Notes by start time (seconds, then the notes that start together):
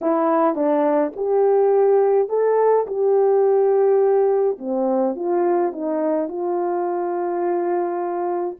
0.01 E4
0.55 D4
1.16 G4
2.29 A4
2.86 G4
4.58 C4
5.15 F4
5.72 D#4
6.28 F4